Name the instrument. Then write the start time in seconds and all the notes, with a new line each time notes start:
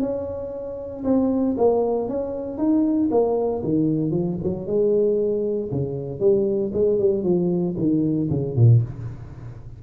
tuba
0.00 C#4
1.04 C4
1.57 A#3
2.08 C#4
2.57 D#4
3.11 A#3
3.63 D#3
4.11 F3
4.43 F#3
4.66 G#3
5.71 C#3
6.19 G3
6.73 G#3
6.99 G3
7.23 F3
7.77 D#3
8.30 C#3
8.56 A#2